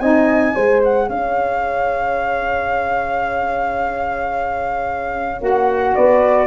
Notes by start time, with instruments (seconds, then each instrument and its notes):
0.00 tuba C4, saxophone D#4, horn D#5, flute G#5
0.55 tuba G#3, saxophone G#4, horn C5
0.84 flute F#5
1.09 tuba C#4, horn C#5, flute F5
5.40 tuba A#3, saxophone F#4, flute F#5
5.95 tuba B3, horn B4, flute D5